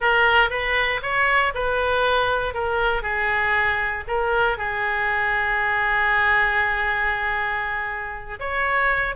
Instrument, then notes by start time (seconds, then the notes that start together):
oboe
0.00 A#4
0.49 B4
1.02 C#5
1.54 B4
2.54 A#4
3.02 G#4
4.07 A#4
4.57 G#4
8.39 C#5